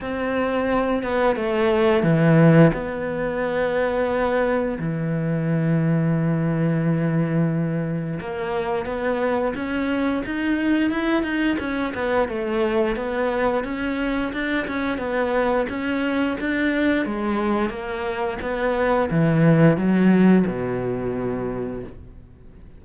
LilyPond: \new Staff \with { instrumentName = "cello" } { \time 4/4 \tempo 4 = 88 c'4. b8 a4 e4 | b2. e4~ | e1 | ais4 b4 cis'4 dis'4 |
e'8 dis'8 cis'8 b8 a4 b4 | cis'4 d'8 cis'8 b4 cis'4 | d'4 gis4 ais4 b4 | e4 fis4 b,2 | }